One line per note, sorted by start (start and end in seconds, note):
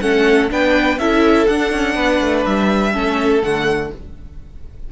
0.00 0.50 A3
0.00 0.49 C#4
0.00 0.51 A4
0.00 0.49 F#5
0.49 0.98 B3
0.49 0.98 D4
0.49 0.99 B4
0.49 0.98 G5
0.98 1.46 C#4
0.98 1.48 E4
0.98 1.95 A4
0.98 1.47 E5
1.47 2.93 D4
1.47 1.71 D4
1.47 2.44 F#5
1.71 1.95 C#4
1.95 2.19 B3
1.95 2.92 B4
2.21 2.45 A3
2.45 2.94 G3
2.45 3.42 E5
2.92 3.42 A3
2.92 3.41 C#4
2.92 3.90 A4
3.42 3.91 D3
3.42 3.92 A3
3.42 3.91 F#5